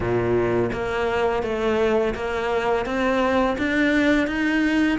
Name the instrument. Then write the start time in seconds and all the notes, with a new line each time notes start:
cello
0.00 A#2
0.72 A#3
1.43 A3
2.15 A#3
2.85 C4
3.57 D4
4.27 D#4